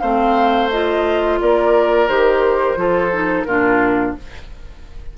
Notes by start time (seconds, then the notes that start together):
0.00 A3 C4 C5 F5
0.71 F4 D#5
1.41 A#3 A#4 D5
2.08 D#3 G4 C5
2.76 F3 F4 A4
3.12 D#4
3.44 A#2 D4 F4 A#4